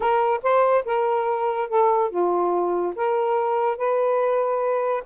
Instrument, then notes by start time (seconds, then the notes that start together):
saxophone
0.00 A#4
0.43 C5
0.85 A#4
1.68 A4
2.10 F4
2.95 A#4
3.77 B4